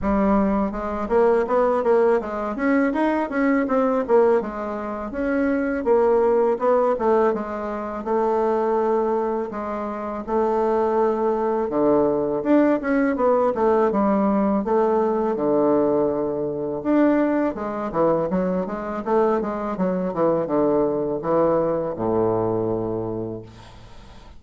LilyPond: \new Staff \with { instrumentName = "bassoon" } { \time 4/4 \tempo 4 = 82 g4 gis8 ais8 b8 ais8 gis8 cis'8 | dis'8 cis'8 c'8 ais8 gis4 cis'4 | ais4 b8 a8 gis4 a4~ | a4 gis4 a2 |
d4 d'8 cis'8 b8 a8 g4 | a4 d2 d'4 | gis8 e8 fis8 gis8 a8 gis8 fis8 e8 | d4 e4 a,2 | }